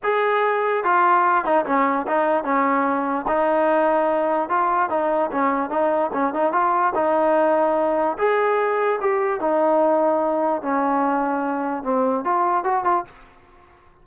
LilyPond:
\new Staff \with { instrumentName = "trombone" } { \time 4/4 \tempo 4 = 147 gis'2 f'4. dis'8 | cis'4 dis'4 cis'2 | dis'2. f'4 | dis'4 cis'4 dis'4 cis'8 dis'8 |
f'4 dis'2. | gis'2 g'4 dis'4~ | dis'2 cis'2~ | cis'4 c'4 f'4 fis'8 f'8 | }